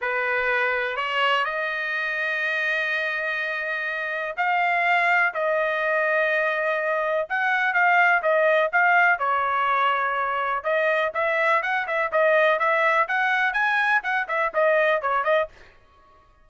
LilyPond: \new Staff \with { instrumentName = "trumpet" } { \time 4/4 \tempo 4 = 124 b'2 cis''4 dis''4~ | dis''1~ | dis''4 f''2 dis''4~ | dis''2. fis''4 |
f''4 dis''4 f''4 cis''4~ | cis''2 dis''4 e''4 | fis''8 e''8 dis''4 e''4 fis''4 | gis''4 fis''8 e''8 dis''4 cis''8 dis''8 | }